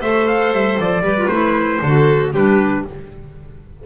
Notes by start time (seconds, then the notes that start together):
0.00 A3 A4 C5 E5
0.28 F5
0.52 G3 E5
0.80 F3 D5
1.01 G3 G4 B4
1.18 F4
1.28 A3 E4 C5
1.82 D3 F#4 A4
2.33 G3 D4 G4 B4